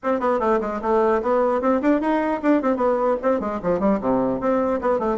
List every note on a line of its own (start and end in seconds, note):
0.03 0.19 C4
0.19 0.39 B3
0.39 0.59 A3
0.60 0.80 G#3
0.81 1.21 A3
1.21 1.61 B3
1.61 1.81 C4
1.81 2.00 D4
2.00 2.40 D#4
2.42 2.61 D4
2.61 2.76 C4
2.76 3.16 B3
3.22 3.39 C4
3.39 3.59 G#3
3.63 3.79 F3
3.79 3.99 G3
4.00 4.40 C3
4.40 4.80 C4
4.81 4.99 B3
4.99 5.17 A3